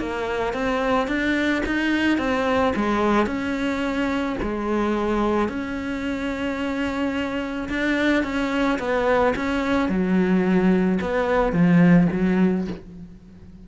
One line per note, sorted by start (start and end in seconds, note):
0.00 0.54 A#3
0.54 1.08 C4
1.08 1.63 D4
1.66 2.19 D#4
2.19 2.74 C4
2.76 3.27 G#3
3.27 4.37 C#4
4.43 5.49 G#3
5.49 7.69 C#4
7.69 8.24 D4
8.24 8.79 C#4
8.79 9.35 B3
9.36 9.89 C#4
9.89 10.99 F#3
11.01 11.53 B3
11.53 12.08 F3
12.13 12.68 F#3